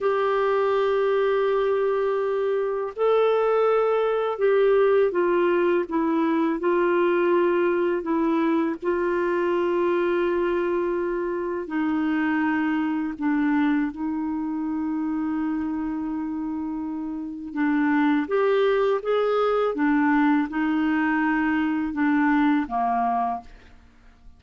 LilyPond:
\new Staff \with { instrumentName = "clarinet" } { \time 4/4 \tempo 4 = 82 g'1 | a'2 g'4 f'4 | e'4 f'2 e'4 | f'1 |
dis'2 d'4 dis'4~ | dis'1 | d'4 g'4 gis'4 d'4 | dis'2 d'4 ais4 | }